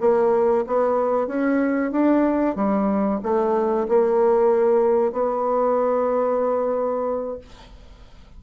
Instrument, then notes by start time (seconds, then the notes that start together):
bassoon
0.00 A#3
0.67 B3
1.27 C#4
1.91 D4
2.55 G3
3.22 A3
3.88 A#3
5.12 B3